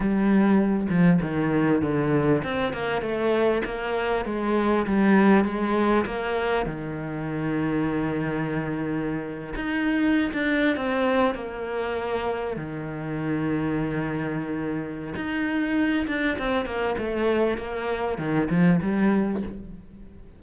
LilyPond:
\new Staff \with { instrumentName = "cello" } { \time 4/4 \tempo 4 = 99 g4. f8 dis4 d4 | c'8 ais8 a4 ais4 gis4 | g4 gis4 ais4 dis4~ | dis2.~ dis8. dis'16~ |
dis'4 d'8. c'4 ais4~ ais16~ | ais8. dis2.~ dis16~ | dis4 dis'4. d'8 c'8 ais8 | a4 ais4 dis8 f8 g4 | }